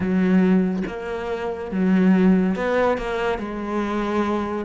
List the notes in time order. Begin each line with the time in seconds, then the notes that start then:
0.00 F#3
0.87 A#3
1.71 F#3
2.55 B3
2.97 A#3
3.38 G#3